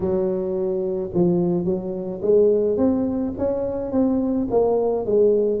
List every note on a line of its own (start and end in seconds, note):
0.00 1.09 F#3
1.14 1.64 F3
1.64 2.20 F#3
2.21 2.77 G#3
2.77 3.33 C4
3.38 3.91 C#4
3.91 4.47 C4
4.50 5.05 A#3
5.05 5.60 G#3